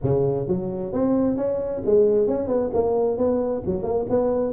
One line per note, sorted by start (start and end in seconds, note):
0.02 0.47 C#3
0.47 0.92 F#3
0.92 1.36 C4
1.36 1.82 C#4
1.85 2.27 G#3
2.27 2.47 C#4
2.47 2.70 B3
2.73 3.17 A#3
3.17 3.63 B3
3.66 3.83 F#3
3.83 4.05 A#3
4.09 4.53 B3